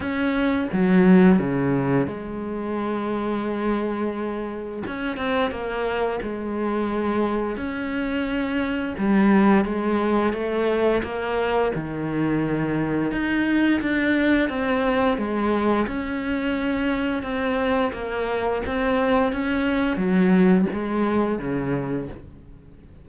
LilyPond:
\new Staff \with { instrumentName = "cello" } { \time 4/4 \tempo 4 = 87 cis'4 fis4 cis4 gis4~ | gis2. cis'8 c'8 | ais4 gis2 cis'4~ | cis'4 g4 gis4 a4 |
ais4 dis2 dis'4 | d'4 c'4 gis4 cis'4~ | cis'4 c'4 ais4 c'4 | cis'4 fis4 gis4 cis4 | }